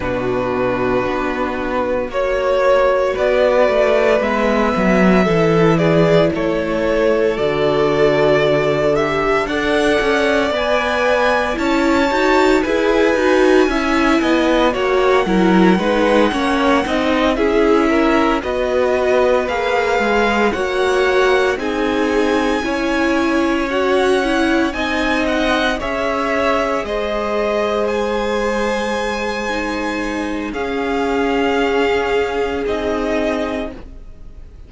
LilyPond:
<<
  \new Staff \with { instrumentName = "violin" } { \time 4/4 \tempo 4 = 57 b'2 cis''4 d''4 | e''4. d''8 cis''4 d''4~ | d''8 e''8 fis''4 gis''4 a''4 | gis''2 fis''2~ |
fis''8 e''4 dis''4 f''4 fis''8~ | fis''8 gis''2 fis''4 gis''8 | fis''8 e''4 dis''4 gis''4.~ | gis''4 f''2 dis''4 | }
  \new Staff \with { instrumentName = "violin" } { \time 4/4 fis'2 cis''4 b'4~ | b'4 a'8 gis'8 a'2~ | a'4 d''2 cis''4 | b'4 e''8 dis''8 cis''8 ais'8 b'8 cis''8 |
dis''8 gis'8 ais'8 b'2 cis''8~ | cis''8 gis'4 cis''2 dis''8~ | dis''8 cis''4 c''2~ c''8~ | c''4 gis'2. | }
  \new Staff \with { instrumentName = "viola" } { \time 4/4 d'2 fis'2 | b4 e'2 fis'4~ | fis'8 g'8 a'4 b'4 e'8 fis'8 | gis'8 fis'8 e'4 fis'8 e'8 dis'8 cis'8 |
dis'8 e'4 fis'4 gis'4 fis'8~ | fis'8 dis'4 e'4 fis'8 e'8 dis'8~ | dis'8 gis'2.~ gis'8 | dis'4 cis'2 dis'4 | }
  \new Staff \with { instrumentName = "cello" } { \time 4/4 b,4 b4 ais4 b8 a8 | gis8 fis8 e4 a4 d4~ | d4 d'8 cis'8 b4 cis'8 dis'8 | e'8 dis'8 cis'8 b8 ais8 fis8 gis8 ais8 |
c'8 cis'4 b4 ais8 gis8 ais8~ | ais8 c'4 cis'2 c'8~ | c'8 cis'4 gis2~ gis8~ | gis4 cis'2 c'4 | }
>>